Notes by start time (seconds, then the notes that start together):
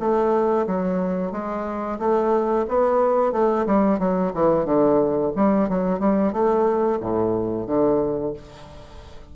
0.00 A3
0.67 F#3
1.32 G#3
1.99 A3
2.68 B3
3.32 A3
3.66 G3
3.99 F#3
4.34 E3
4.65 D3
5.36 G3
5.69 F#3
6.00 G3
6.33 A3
7.00 A2
7.67 D3